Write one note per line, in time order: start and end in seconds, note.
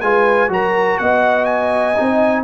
0.00 0.49 G#3
0.00 0.48 F4
0.00 0.51 B4
0.00 0.49 G#5
0.48 0.98 F#3
0.48 1.95 F#4
0.48 1.00 A#4
0.48 0.98 A#5
0.98 1.97 B3
0.98 2.43 D#5
0.98 1.45 F#5
1.45 2.42 G#5
1.96 2.43 C4
1.96 2.43 D#4